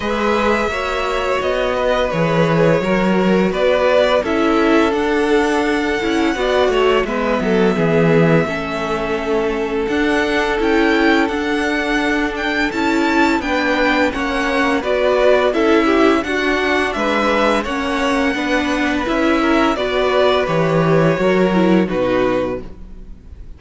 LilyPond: <<
  \new Staff \with { instrumentName = "violin" } { \time 4/4 \tempo 4 = 85 e''2 dis''4 cis''4~ | cis''4 d''4 e''4 fis''4~ | fis''2 e''2~ | e''2 fis''4 g''4 |
fis''4. g''8 a''4 g''4 | fis''4 d''4 e''4 fis''4 | e''4 fis''2 e''4 | d''4 cis''2 b'4 | }
  \new Staff \with { instrumentName = "violin" } { \time 4/4 b'4 cis''4. b'4. | ais'4 b'4 a'2~ | a'4 d''8 cis''8 b'8 a'8 gis'4 | a'1~ |
a'2. b'4 | cis''4 b'4 a'8 g'8 fis'4 | b'4 cis''4 b'4. ais'8 | b'2 ais'4 fis'4 | }
  \new Staff \with { instrumentName = "viola" } { \time 4/4 gis'4 fis'2 gis'4 | fis'2 e'4 d'4~ | d'8 e'8 fis'4 b2 | cis'2 d'4 e'4 |
d'2 e'4 d'4 | cis'4 fis'4 e'4 d'4~ | d'4 cis'4 d'4 e'4 | fis'4 g'4 fis'8 e'8 dis'4 | }
  \new Staff \with { instrumentName = "cello" } { \time 4/4 gis4 ais4 b4 e4 | fis4 b4 cis'4 d'4~ | d'8 cis'8 b8 a8 gis8 fis8 e4 | a2 d'4 cis'4 |
d'2 cis'4 b4 | ais4 b4 cis'4 d'4 | gis4 ais4 b4 cis'4 | b4 e4 fis4 b,4 | }
>>